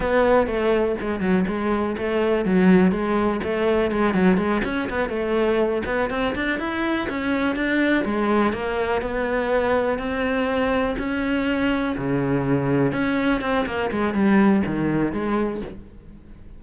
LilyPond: \new Staff \with { instrumentName = "cello" } { \time 4/4 \tempo 4 = 123 b4 a4 gis8 fis8 gis4 | a4 fis4 gis4 a4 | gis8 fis8 gis8 cis'8 b8 a4. | b8 c'8 d'8 e'4 cis'4 d'8~ |
d'8 gis4 ais4 b4.~ | b8 c'2 cis'4.~ | cis'8 cis2 cis'4 c'8 | ais8 gis8 g4 dis4 gis4 | }